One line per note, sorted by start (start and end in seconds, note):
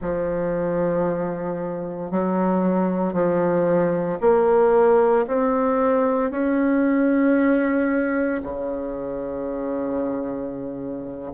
0.00 2.11 F3
2.11 3.13 F#3
3.13 4.18 F3
4.21 5.26 A#3
5.27 6.30 C4
6.30 8.41 C#4
8.43 11.32 C#3